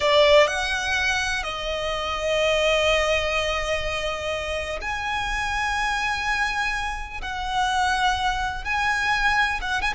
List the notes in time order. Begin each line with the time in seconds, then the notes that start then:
0.00 D5
0.47 F#5
1.43 D#5
4.81 G#5
7.21 F#5
8.64 G#5
9.61 F#5
9.81 G#5